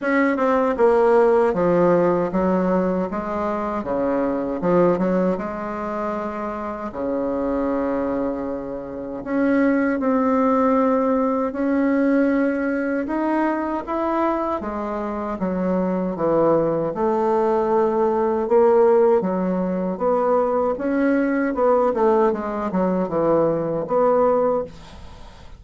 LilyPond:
\new Staff \with { instrumentName = "bassoon" } { \time 4/4 \tempo 4 = 78 cis'8 c'8 ais4 f4 fis4 | gis4 cis4 f8 fis8 gis4~ | gis4 cis2. | cis'4 c'2 cis'4~ |
cis'4 dis'4 e'4 gis4 | fis4 e4 a2 | ais4 fis4 b4 cis'4 | b8 a8 gis8 fis8 e4 b4 | }